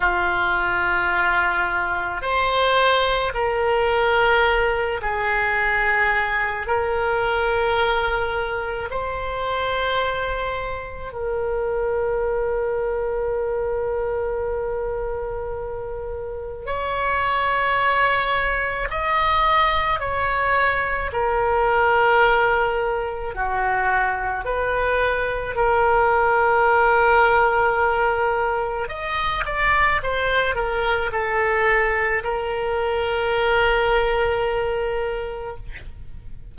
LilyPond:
\new Staff \with { instrumentName = "oboe" } { \time 4/4 \tempo 4 = 54 f'2 c''4 ais'4~ | ais'8 gis'4. ais'2 | c''2 ais'2~ | ais'2. cis''4~ |
cis''4 dis''4 cis''4 ais'4~ | ais'4 fis'4 b'4 ais'4~ | ais'2 dis''8 d''8 c''8 ais'8 | a'4 ais'2. | }